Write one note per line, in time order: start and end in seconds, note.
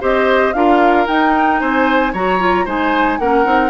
0.00 0.54 C4
0.00 0.53 G4
0.00 0.53 C5
0.00 0.53 D#5
0.53 1.07 D4
0.53 1.07 F4
0.53 1.61 A#4
0.53 1.06 F5
1.07 2.13 D#4
1.07 1.61 D#4
1.07 1.59 G5
1.59 2.13 C4
1.59 2.12 C5
1.59 2.12 G#5
2.12 2.66 F#3
2.12 2.39 F#4
2.12 2.65 C#5
2.12 2.67 A#5
2.39 2.66 F4
2.65 3.19 G#3
2.65 3.19 D#4
2.65 3.18 C5
2.65 3.19 G#5
3.19 3.45 A#3
3.19 3.44 C#4
3.19 3.70 A#4
3.19 3.70 F#5
3.44 3.70 C4
3.44 3.70 D#4